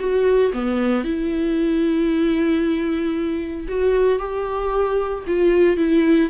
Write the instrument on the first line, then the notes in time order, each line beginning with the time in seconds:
viola
0.00 F#4
0.54 B3
1.05 E4
3.69 F#4
4.19 G4
5.28 F4
5.78 E4